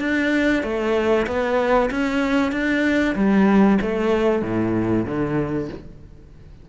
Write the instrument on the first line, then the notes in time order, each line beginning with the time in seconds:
cello
0.00 D4
0.63 A3
1.27 B3
1.91 C#4
2.52 D4
3.16 G3
3.82 A3
4.42 A2
5.06 D3